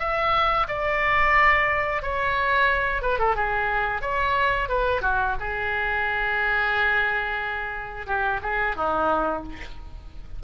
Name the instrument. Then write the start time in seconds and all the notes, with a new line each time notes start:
oboe
0.00 E5
0.68 D5
2.03 C#5
3.02 B4
3.19 A4
3.36 G#4
4.02 C#5
4.69 B4
5.02 F#4
5.41 G#4
8.07 G4
8.43 G#4
8.76 D#4